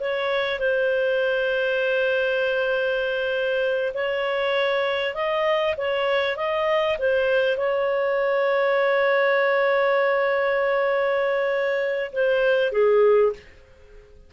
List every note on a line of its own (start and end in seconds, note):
0.00 0.59 C#5
0.59 3.93 C5
3.94 5.14 C#5
5.14 5.75 D#5
5.77 6.36 C#5
6.36 6.97 D#5
6.98 7.57 C5
7.57 12.12 C#5
12.12 12.72 C5
12.72 13.33 G#4